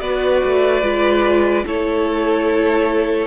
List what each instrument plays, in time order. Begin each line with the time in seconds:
0.00 cello B3, viola F#4, violin B4 D5
0.45 cello A3
0.82 cello G#3, viola F4
1.66 cello A3, viola E4, violin A4 C#5